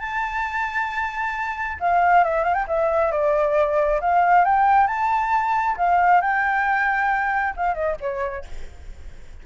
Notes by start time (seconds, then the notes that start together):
0.00 A5
1.80 F5
2.24 E5
2.44 F5
2.54 G5
2.68 E5
3.12 D5
4.01 F5
4.45 G5
4.87 A5
5.78 F5
6.21 G5
7.57 F5
7.75 D#5
8.01 C#5